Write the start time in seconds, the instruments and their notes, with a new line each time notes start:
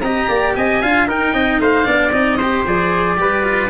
0.00 tuba C4, cello G4, trumpet D#5, oboe A#5
0.29 tuba A#3, trumpet D5
0.56 tuba C4, trumpet D#5, oboe G#5
0.82 tuba D4, cello F4, trumpet F5
1.06 tuba D#4, cello D#4, trumpet A#4, oboe G5
1.33 tuba C4, trumpet D#5
1.59 tuba A3, trumpet C5, oboe F5
1.84 tuba B3, cello D4, trumpet D5
2.12 tuba C4, cello D#4, oboe D#5
2.37 cello G4, trumpet C5
2.65 tuba F3, cello G#4, oboe D5
3.17 tuba G3, cello G4, trumpet B4
3.43 cello F4